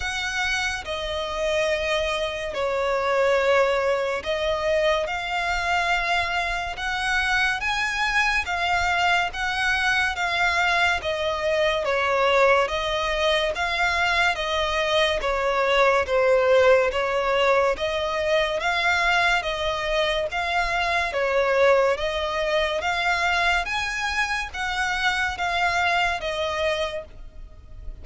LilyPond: \new Staff \with { instrumentName = "violin" } { \time 4/4 \tempo 4 = 71 fis''4 dis''2 cis''4~ | cis''4 dis''4 f''2 | fis''4 gis''4 f''4 fis''4 | f''4 dis''4 cis''4 dis''4 |
f''4 dis''4 cis''4 c''4 | cis''4 dis''4 f''4 dis''4 | f''4 cis''4 dis''4 f''4 | gis''4 fis''4 f''4 dis''4 | }